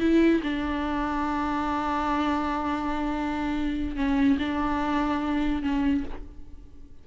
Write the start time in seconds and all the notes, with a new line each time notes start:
0.00 E4
0.43 D4
3.96 C#4
4.39 D4
5.62 C#4